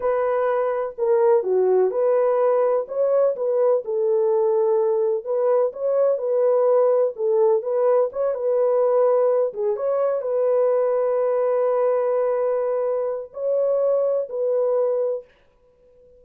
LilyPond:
\new Staff \with { instrumentName = "horn" } { \time 4/4 \tempo 4 = 126 b'2 ais'4 fis'4 | b'2 cis''4 b'4 | a'2. b'4 | cis''4 b'2 a'4 |
b'4 cis''8 b'2~ b'8 | gis'8 cis''4 b'2~ b'8~ | b'1 | cis''2 b'2 | }